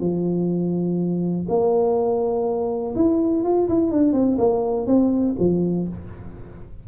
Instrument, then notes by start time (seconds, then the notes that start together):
tuba
0.00 F3
1.49 A#3
2.95 E4
3.44 F4
3.69 E4
3.91 D4
4.12 C4
4.38 A#3
4.87 C4
5.39 F3